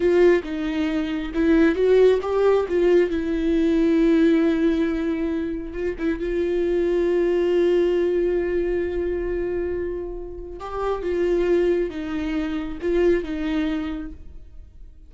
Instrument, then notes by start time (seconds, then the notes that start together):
viola
0.00 F4
0.43 D#4
1.34 E4
1.75 F#4
2.22 G4
2.68 F4
3.10 E4
5.73 F4
5.98 E4
6.19 F4
10.59 G4
11.02 F4
11.90 D#4
12.81 F4
13.23 D#4